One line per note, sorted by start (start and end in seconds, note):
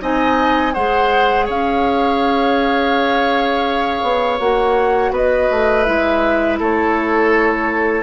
0.00 0.75 C4
0.00 0.73 D#4
0.00 0.73 D#5
0.00 0.73 G#5
0.73 1.49 G#3
0.73 4.39 G#4
0.73 1.46 C5
0.73 1.47 F#5
1.46 4.02 C#4
1.46 5.11 C#5
1.46 4.39 F5
4.02 4.39 B3
4.39 5.11 A#3
4.39 5.85 F#4
4.39 5.13 F#5
5.11 5.48 B3
5.11 6.59 B4
5.11 5.84 D#5
5.51 5.87 A3
5.84 6.59 G#3
5.84 8.03 E4
5.84 6.57 E5
6.59 8.03 A3
6.59 8.03 A4
6.59 8.03 C#5